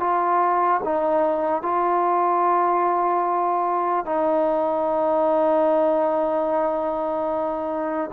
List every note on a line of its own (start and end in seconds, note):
0.00 0.81 F4
0.84 1.62 D#4
1.62 4.05 F4
4.05 8.11 D#4